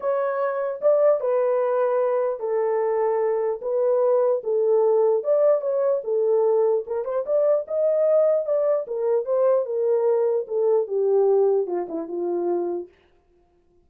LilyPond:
\new Staff \with { instrumentName = "horn" } { \time 4/4 \tempo 4 = 149 cis''2 d''4 b'4~ | b'2 a'2~ | a'4 b'2 a'4~ | a'4 d''4 cis''4 a'4~ |
a'4 ais'8 c''8 d''4 dis''4~ | dis''4 d''4 ais'4 c''4 | ais'2 a'4 g'4~ | g'4 f'8 e'8 f'2 | }